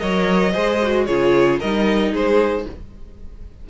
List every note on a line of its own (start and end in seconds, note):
0.00 0.55 F#3
0.00 0.53 A#4
0.00 0.52 C#5
0.00 1.06 D#5
0.52 1.09 G#3
0.52 0.80 G#4
0.52 1.06 C5
0.83 1.08 F#4
1.06 1.62 C#3
1.06 1.61 F4
1.06 1.60 G#4
1.06 1.60 C#5
1.60 2.13 G3
1.60 2.70 D#4
1.60 2.12 A#4
1.60 2.14 D#5
2.12 2.66 G#3
2.12 2.65 G#4
2.12 2.68 C5